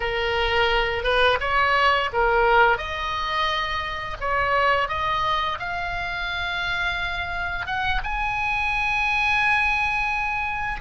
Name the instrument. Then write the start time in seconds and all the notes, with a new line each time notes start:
oboe
0.00 A#4
1.03 B4
1.40 C#5
2.12 A#4
2.77 D#5
4.20 C#5
4.88 D#5
5.59 F5
7.66 F#5
8.03 G#5